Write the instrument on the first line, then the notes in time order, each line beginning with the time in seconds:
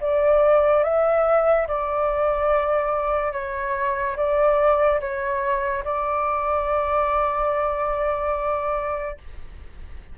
flute
0.00 D5
0.83 E5
1.67 D5
3.32 C#5
4.16 D5
5.00 C#5
5.84 D5